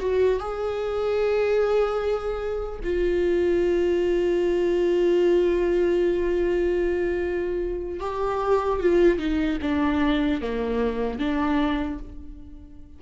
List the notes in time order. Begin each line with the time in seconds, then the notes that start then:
0.00 F#4
0.40 G#4
2.84 F4
8.00 G4
8.80 F4
9.19 D#4
9.62 D4
10.42 A#3
11.19 D4